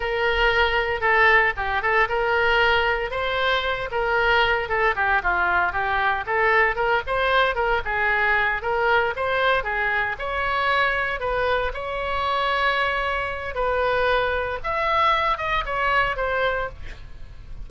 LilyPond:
\new Staff \with { instrumentName = "oboe" } { \time 4/4 \tempo 4 = 115 ais'2 a'4 g'8 a'8 | ais'2 c''4. ais'8~ | ais'4 a'8 g'8 f'4 g'4 | a'4 ais'8 c''4 ais'8 gis'4~ |
gis'8 ais'4 c''4 gis'4 cis''8~ | cis''4. b'4 cis''4.~ | cis''2 b'2 | e''4. dis''8 cis''4 c''4 | }